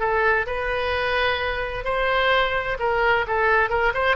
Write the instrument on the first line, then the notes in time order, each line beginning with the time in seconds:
oboe
0.00 A4
0.47 B4
1.85 C5
2.80 A#4
3.28 A4
3.70 A#4
3.95 C5